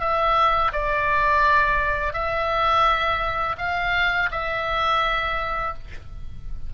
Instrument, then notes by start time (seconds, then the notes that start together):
oboe
0.00 E5
0.72 D5
2.13 E5
3.58 F5
4.31 E5